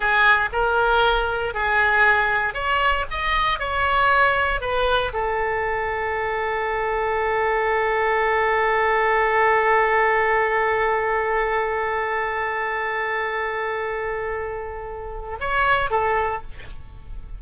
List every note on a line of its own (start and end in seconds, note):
0.00 0.49 G#4
0.52 1.54 A#4
1.54 2.53 G#4
2.53 3.05 C#5
3.10 3.59 D#5
3.59 4.61 C#5
4.61 5.12 B4
5.13 15.38 A4
15.40 15.90 C#5
15.90 16.41 A4